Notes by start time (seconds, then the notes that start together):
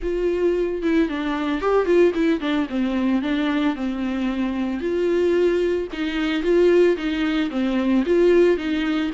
0.02 F4
0.82 E4
1.09 D4
1.61 G4
1.85 F4
2.14 E4
2.40 D4
2.69 C4
3.22 D4
3.75 C4
4.80 F4
5.92 D#4
6.42 F4
6.96 D#4
7.50 C4
8.06 F4
8.57 D#4